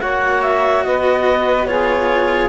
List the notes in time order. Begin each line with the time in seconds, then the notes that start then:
0.00 A#3 F#4 C#5 F#5
0.42 E5
0.84 B3 B4 D#5
1.66 F4 G#4 C#5